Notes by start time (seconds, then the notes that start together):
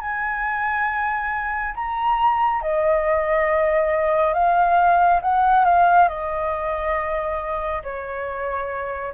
0.00 G#5
1.74 A#5
2.62 D#5
4.33 F5
5.21 F#5
5.64 F5
6.08 D#5
7.83 C#5